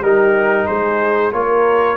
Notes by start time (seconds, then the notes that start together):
0.00 G3 D#4 G4 A#4
0.66 G#3 G#4 C5
1.32 A#3 F4 A#4 C#5